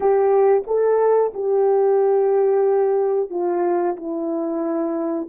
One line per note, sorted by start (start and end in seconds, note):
0.00 0.63 G4
0.66 1.32 A4
1.34 3.30 G4
3.30 3.96 F4
3.96 5.28 E4